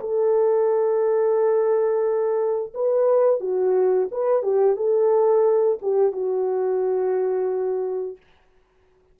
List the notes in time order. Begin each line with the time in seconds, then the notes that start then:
0.00 A4
2.74 B4
3.40 F#4
4.11 B4
4.42 G4
4.76 A4
5.81 G4
6.12 F#4